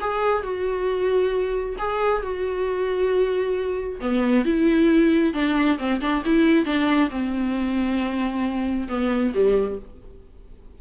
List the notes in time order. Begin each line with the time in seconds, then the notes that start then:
0.00 G#4
0.43 F#4
1.78 G#4
2.22 F#4
4.00 B3
4.45 E4
5.33 D4
5.78 C4
6.00 D4
6.25 E4
6.65 D4
7.10 C4
8.88 B3
9.34 G3